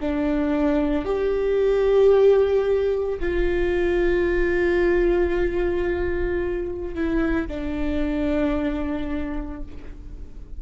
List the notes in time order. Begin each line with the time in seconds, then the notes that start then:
0.00 D4
1.05 G4
3.19 F4
6.94 E4
7.48 D4